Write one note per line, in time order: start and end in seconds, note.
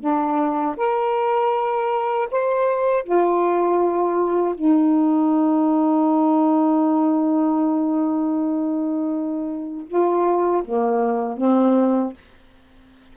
0.00 0.76 D4
0.77 2.29 A#4
2.31 3.03 C5
3.03 4.55 F4
4.55 9.87 D#4
9.87 10.63 F4
10.65 11.37 A#3
11.37 12.13 C4